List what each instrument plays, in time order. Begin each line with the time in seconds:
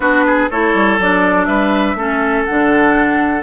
0.00 bassoon B3, clarinet D4, oboe F#4, flute B4
0.26 oboe G#4
0.50 bassoon A3, clarinet E4, oboe A4, flute C#5
0.74 bassoon G3
0.98 bassoon F#3, clarinet D4, flute D5
1.45 bassoon G3, oboe B4, flute E5
1.94 bassoon A3, clarinet C#4, oboe A4
2.45 bassoon D3, clarinet D4, flute F#5